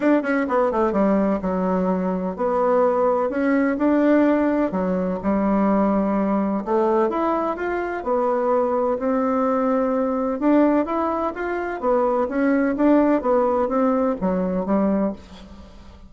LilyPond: \new Staff \with { instrumentName = "bassoon" } { \time 4/4 \tempo 4 = 127 d'8 cis'8 b8 a8 g4 fis4~ | fis4 b2 cis'4 | d'2 fis4 g4~ | g2 a4 e'4 |
f'4 b2 c'4~ | c'2 d'4 e'4 | f'4 b4 cis'4 d'4 | b4 c'4 fis4 g4 | }